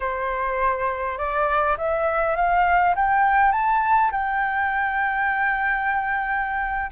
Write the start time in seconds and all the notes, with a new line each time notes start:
0.00 C5
1.17 D5
1.77 E5
2.35 F5
2.95 G5
3.51 A5
4.11 G5